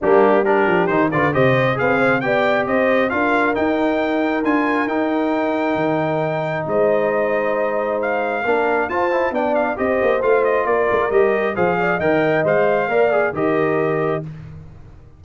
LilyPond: <<
  \new Staff \with { instrumentName = "trumpet" } { \time 4/4 \tempo 4 = 135 g'4 ais'4 c''8 d''8 dis''4 | f''4 g''4 dis''4 f''4 | g''2 gis''4 g''4~ | g''2. dis''4~ |
dis''2 f''2 | a''4 g''8 f''8 dis''4 f''8 dis''8 | d''4 dis''4 f''4 g''4 | f''2 dis''2 | }
  \new Staff \with { instrumentName = "horn" } { \time 4/4 d'4 g'4. b'8 c''4 | b'8 c''8 d''4 c''4 ais'4~ | ais'1~ | ais'2. c''4~ |
c''2. ais'4 | c''4 d''4 c''2 | ais'2 c''8 d''8 dis''4~ | dis''4 d''4 ais'2 | }
  \new Staff \with { instrumentName = "trombone" } { \time 4/4 ais4 d'4 dis'8 f'8 g'4 | gis'4 g'2 f'4 | dis'2 f'4 dis'4~ | dis'1~ |
dis'2. d'4 | f'8 e'8 d'4 g'4 f'4~ | f'4 g'4 gis'4 ais'4 | c''4 ais'8 gis'8 g'2 | }
  \new Staff \with { instrumentName = "tuba" } { \time 4/4 g4. f8 dis8 d8 c4 | c'4 b4 c'4 d'4 | dis'2 d'4 dis'4~ | dis'4 dis2 gis4~ |
gis2. ais4 | f'4 b4 c'8 ais8 a4 | ais8 gis8 g4 f4 dis4 | gis4 ais4 dis2 | }
>>